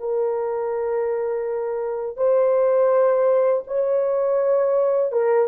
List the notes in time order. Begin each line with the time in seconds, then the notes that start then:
0.00 A#4
2.17 C5
3.68 C#5
5.13 A#4